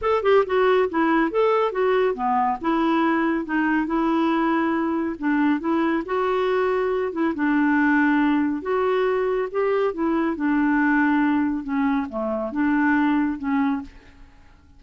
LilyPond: \new Staff \with { instrumentName = "clarinet" } { \time 4/4 \tempo 4 = 139 a'8 g'8 fis'4 e'4 a'4 | fis'4 b4 e'2 | dis'4 e'2. | d'4 e'4 fis'2~ |
fis'8 e'8 d'2. | fis'2 g'4 e'4 | d'2. cis'4 | a4 d'2 cis'4 | }